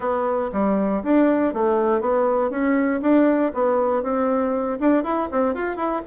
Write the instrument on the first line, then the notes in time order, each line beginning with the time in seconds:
bassoon
0.00 B3
0.52 G3
1.03 D4
1.53 A3
2.01 B3
2.50 C#4
3.01 D4
3.54 B3
4.02 C4
4.80 D4
5.03 E4
5.31 C4
5.54 F4
5.76 E4